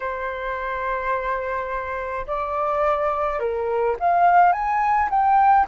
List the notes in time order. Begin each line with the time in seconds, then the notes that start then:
0.00 C5
2.26 D5
3.39 A#4
3.99 F5
4.52 G#5
5.10 G5